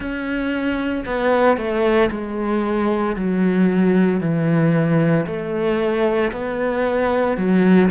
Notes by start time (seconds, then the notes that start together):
0.00 C#4
1.05 B3
1.57 A3
2.11 G#3
3.16 F#3
4.20 E3
5.26 A3
6.32 B3
7.37 F#3